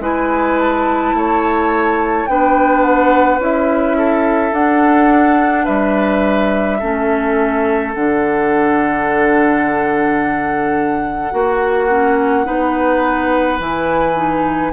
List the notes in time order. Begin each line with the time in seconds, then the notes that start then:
0.00 G#3 E4 B4 G#5
0.58 A5
1.13 A3 C#5
2.26 B3 D4 B4 G5
2.82 F#5
3.38 C#4 E4 E5
3.97 A4
4.52 D4 F#5
5.64 G3 B4 E5
6.79 A3 C#4 A4
7.94 D3 D4 F#5
11.31 A#3 F#4
11.89 C#4
12.45 B3 D#4 B4
13.59 E3 E4 G#5
14.16 D#4